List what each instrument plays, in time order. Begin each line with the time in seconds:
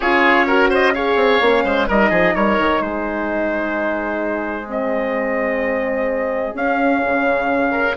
0.00 bassoon C#4, horn F4, oboe G#4, trumpet C#5
0.46 horn F#4, oboe A#4
0.69 oboe C5, trumpet D#5
0.94 horn G#4, oboe C#5, trumpet F5
1.15 bassoon C4
1.40 bassoon A#3, horn C#4
1.64 bassoon G#3, oboe C5
1.87 bassoon G3, horn D#4, oboe A#4, trumpet D#5
2.10 bassoon F3, oboe G#4
2.35 bassoon G3, oboe A#4, trumpet C#5
2.58 bassoon D#3
2.80 bassoon G#3, oboe G#4, trumpet C5
4.66 horn C4, trumpet D#5
6.54 bassoon C#4, horn C#4, trumpet F5
7.05 bassoon C#3
7.71 oboe A#4